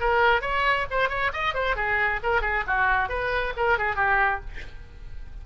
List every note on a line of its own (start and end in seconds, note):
0.00 0.41 A#4
0.41 0.86 C#5
0.90 1.09 C5
1.09 1.31 C#5
1.33 1.54 D#5
1.54 1.76 C5
1.76 2.20 G#4
2.23 2.41 A#4
2.41 2.64 G#4
2.67 3.09 F#4
3.09 3.53 B4
3.57 3.78 A#4
3.78 3.96 G#4
3.96 4.40 G4